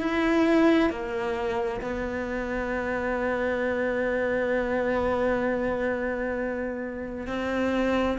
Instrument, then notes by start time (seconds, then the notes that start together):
cello
0.00 E4
0.90 A#3
1.81 B3
7.27 C4